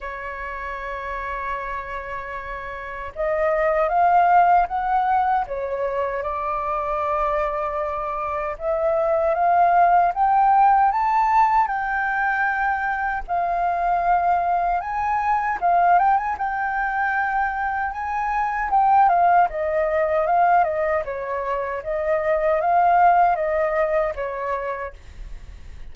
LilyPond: \new Staff \with { instrumentName = "flute" } { \time 4/4 \tempo 4 = 77 cis''1 | dis''4 f''4 fis''4 cis''4 | d''2. e''4 | f''4 g''4 a''4 g''4~ |
g''4 f''2 gis''4 | f''8 g''16 gis''16 g''2 gis''4 | g''8 f''8 dis''4 f''8 dis''8 cis''4 | dis''4 f''4 dis''4 cis''4 | }